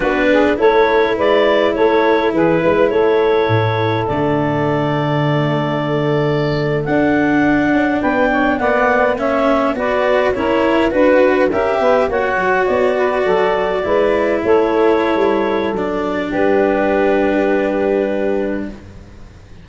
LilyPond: <<
  \new Staff \with { instrumentName = "clarinet" } { \time 4/4 \tempo 4 = 103 b'4 cis''4 d''4 cis''4 | b'4 cis''2 d''4~ | d''2.~ d''8. fis''16~ | fis''4.~ fis''16 g''4 fis''4 e''16~ |
e''8. d''4 cis''4 b'4 e''16~ | e''8. fis''4 d''2~ d''16~ | d''8. cis''2~ cis''16 d''4 | b'1 | }
  \new Staff \with { instrumentName = "saxophone" } { \time 4/4 fis'8 gis'8 a'4 b'4 a'4 | gis'8 b'8 a'2.~ | a'1~ | a'4.~ a'16 b'8 cis''8 d''4 cis''16~ |
cis''8. b'4 ais'4 b'4 ais'16~ | ais'16 b'8 cis''4. b'8 a'4 b'16~ | b'8. a'2.~ a'16 | g'1 | }
  \new Staff \with { instrumentName = "cello" } { \time 4/4 d'4 e'2.~ | e'2. a4~ | a2.~ a8. d'16~ | d'2~ d'8. b4 cis'16~ |
cis'8. fis'4 e'4 fis'4 g'16~ | g'8. fis'2. e'16~ | e'2. d'4~ | d'1 | }
  \new Staff \with { instrumentName = "tuba" } { \time 4/4 b4 a4 gis4 a4 | e8 gis8 a4 a,4 d4~ | d2.~ d8. d'16~ | d'4~ d'16 cis'8 b4 ais4~ ais16~ |
ais8. b4 cis'4 d'4 cis'16~ | cis'16 b8 ais8 fis8 b4 fis4 gis16~ | gis8. a4~ a16 g4 fis4 | g1 | }
>>